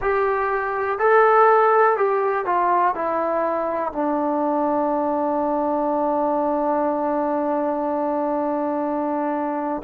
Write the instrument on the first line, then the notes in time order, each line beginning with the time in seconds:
trombone
0.01 G4
0.98 A4
1.97 G4
2.45 F4
2.95 E4
3.92 D4